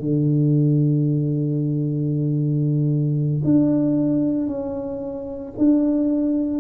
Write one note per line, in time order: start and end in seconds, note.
0.00 3.42 D3
3.44 4.47 D4
4.47 5.53 C#4
5.57 6.60 D4